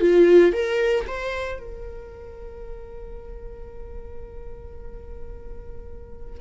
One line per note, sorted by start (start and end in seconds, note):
0.00 0.52 F4
0.52 1.05 A#4
1.07 1.58 C5
1.58 6.41 A#4